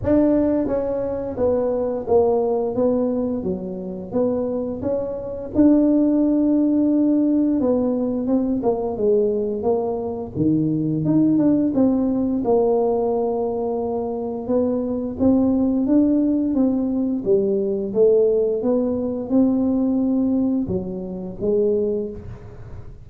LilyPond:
\new Staff \with { instrumentName = "tuba" } { \time 4/4 \tempo 4 = 87 d'4 cis'4 b4 ais4 | b4 fis4 b4 cis'4 | d'2. b4 | c'8 ais8 gis4 ais4 dis4 |
dis'8 d'8 c'4 ais2~ | ais4 b4 c'4 d'4 | c'4 g4 a4 b4 | c'2 fis4 gis4 | }